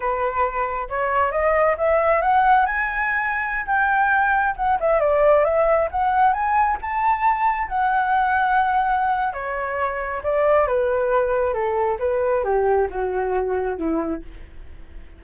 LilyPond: \new Staff \with { instrumentName = "flute" } { \time 4/4 \tempo 4 = 135 b'2 cis''4 dis''4 | e''4 fis''4 gis''2~ | gis''16 g''2 fis''8 e''8 d''8.~ | d''16 e''4 fis''4 gis''4 a''8.~ |
a''4~ a''16 fis''2~ fis''8.~ | fis''4 cis''2 d''4 | b'2 a'4 b'4 | g'4 fis'2 e'4 | }